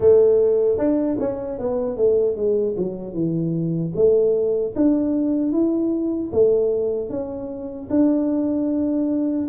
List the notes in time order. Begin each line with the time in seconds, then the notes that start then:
0.00 A3
0.78 D4
1.19 C#4
1.58 B3
1.97 A3
2.36 G#3
2.77 F#3
3.13 E3
3.95 A3
4.75 D4
5.52 E4
6.32 A3
7.09 C#4
7.89 D4